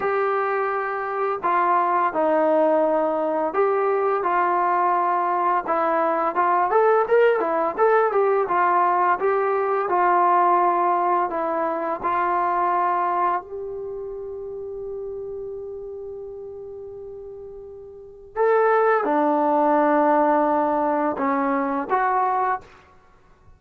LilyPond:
\new Staff \with { instrumentName = "trombone" } { \time 4/4 \tempo 4 = 85 g'2 f'4 dis'4~ | dis'4 g'4 f'2 | e'4 f'8 a'8 ais'8 e'8 a'8 g'8 | f'4 g'4 f'2 |
e'4 f'2 g'4~ | g'1~ | g'2 a'4 d'4~ | d'2 cis'4 fis'4 | }